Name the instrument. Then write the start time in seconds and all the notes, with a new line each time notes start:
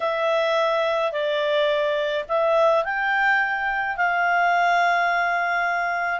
clarinet
0.00 E5
1.11 D5
2.28 E5
2.84 G5
3.96 F5